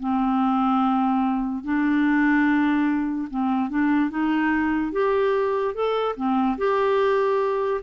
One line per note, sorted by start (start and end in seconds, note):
0.00 1.64 C4
1.64 3.28 D4
3.30 3.70 C4
3.70 4.10 D4
4.10 4.92 D#4
4.92 5.75 G4
5.75 6.16 A4
6.16 6.58 C4
6.58 7.81 G4